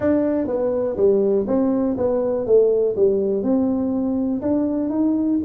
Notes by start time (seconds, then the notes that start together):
0.00 D4
0.47 B3
0.97 G3
1.47 C4
1.97 B3
2.46 A3
2.96 G3
3.42 C4
4.41 D4
4.89 D#4